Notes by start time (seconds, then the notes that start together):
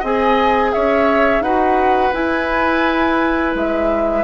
0.00 C4 G#4 D#5 G#5
0.73 C#4 C#5 E5
1.41 D#4 F#4 B4 F#5
2.13 E4 G#5
3.55 G#3 E5